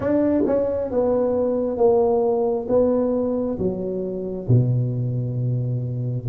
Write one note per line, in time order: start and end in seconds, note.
0.00 0.43 D4
0.46 0.90 C#4
0.90 1.77 B3
1.77 2.66 A#3
2.68 3.58 B3
3.58 4.47 F#3
4.48 6.27 B2